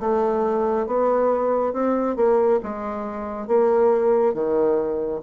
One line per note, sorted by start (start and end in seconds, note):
0.00 0.87 A3
0.87 1.73 B3
1.73 2.16 C4
2.16 2.60 A#3
2.63 3.47 G#3
3.47 4.34 A#3
4.34 5.21 D#3